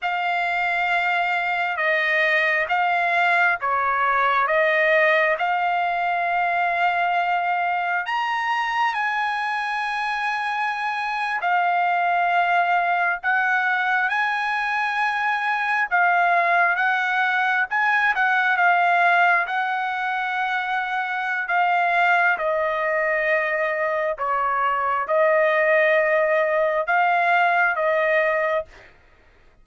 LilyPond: \new Staff \with { instrumentName = "trumpet" } { \time 4/4 \tempo 4 = 67 f''2 dis''4 f''4 | cis''4 dis''4 f''2~ | f''4 ais''4 gis''2~ | gis''8. f''2 fis''4 gis''16~ |
gis''4.~ gis''16 f''4 fis''4 gis''16~ | gis''16 fis''8 f''4 fis''2~ fis''16 | f''4 dis''2 cis''4 | dis''2 f''4 dis''4 | }